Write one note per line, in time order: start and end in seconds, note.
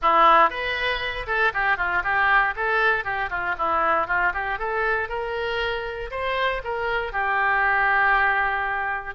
0.02 0.50 E4
0.50 1.26 B4
1.26 1.52 A4
1.53 1.77 G4
1.77 2.02 F4
2.03 2.54 G4
2.56 3.04 A4
3.04 3.29 G4
3.30 3.55 F4
3.57 4.07 E4
4.07 4.32 F4
4.33 4.59 G4
4.59 5.08 A4
5.08 6.10 A#4
6.11 6.61 C5
6.64 7.12 A#4
7.12 9.14 G4